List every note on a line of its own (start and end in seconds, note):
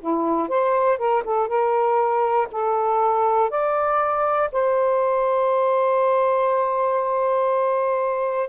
0.00 0.48 E4
0.48 0.98 C5
0.98 1.23 A#4
1.24 1.48 A4
1.48 2.48 A#4
2.51 3.50 A4
3.50 4.50 D5
4.52 8.49 C5